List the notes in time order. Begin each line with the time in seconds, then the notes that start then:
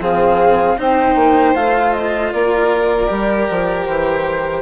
0.00 F3 C4 G#4 F5
0.78 C4 D#4 C5 G5
1.15 A#3
1.55 A3 F4 F5
1.93 D#5
2.32 A#3 A#4 D5
3.08 G3 G4
3.50 F3
3.86 E3 C5